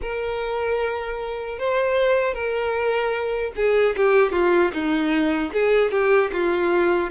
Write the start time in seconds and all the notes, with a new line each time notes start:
0.01 A#4
1.58 C5
2.34 A#4
3.56 G#4
3.96 G4
4.32 F4
4.73 D#4
5.53 G#4
5.91 G4
6.32 F4